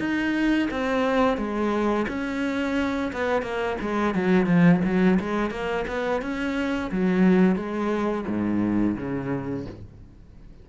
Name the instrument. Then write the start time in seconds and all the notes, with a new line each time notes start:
cello
0.00 D#4
0.71 C4
1.38 G#3
2.09 C#4
3.13 B3
3.43 A#3
3.82 G#3
4.15 F#3
4.47 F3
4.85 F#3
5.20 G#3
5.51 A#3
5.88 B3
6.22 C#4
6.92 F#3
7.56 G#3
8.28 G#2
8.97 C#3